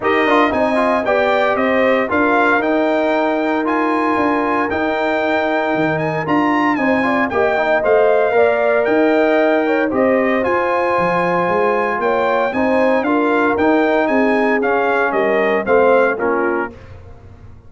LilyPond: <<
  \new Staff \with { instrumentName = "trumpet" } { \time 4/4 \tempo 4 = 115 dis''4 gis''4 g''4 dis''4 | f''4 g''2 gis''4~ | gis''4 g''2~ g''8 gis''8 | ais''4 gis''4 g''4 f''4~ |
f''4 g''2 dis''4 | gis''2. g''4 | gis''4 f''4 g''4 gis''4 | f''4 dis''4 f''4 ais'4 | }
  \new Staff \with { instrumentName = "horn" } { \time 4/4 ais'4 dis''4 d''4 c''4 | ais'1~ | ais'1~ | ais'4 c''8 d''8 dis''2 |
d''4 dis''4. cis''8 c''4~ | c''2. cis''4 | c''4 ais'2 gis'4~ | gis'4 ais'4 c''4 f'4 | }
  \new Staff \with { instrumentName = "trombone" } { \time 4/4 g'8 f'8 dis'8 f'8 g'2 | f'4 dis'2 f'4~ | f'4 dis'2. | f'4 dis'8 f'8 g'8 dis'8 c''4 |
ais'2. g'4 | f'1 | dis'4 f'4 dis'2 | cis'2 c'4 cis'4 | }
  \new Staff \with { instrumentName = "tuba" } { \time 4/4 dis'8 d'8 c'4 b4 c'4 | d'4 dis'2. | d'4 dis'2 dis4 | d'4 c'4 ais4 a4 |
ais4 dis'2 c'4 | f'4 f4 gis4 ais4 | c'4 d'4 dis'4 c'4 | cis'4 g4 a4 ais4 | }
>>